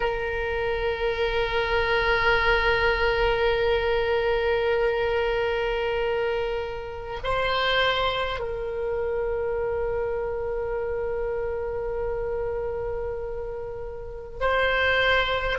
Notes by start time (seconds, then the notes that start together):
0.00 A#4
7.23 C5
8.39 A#4
14.40 C5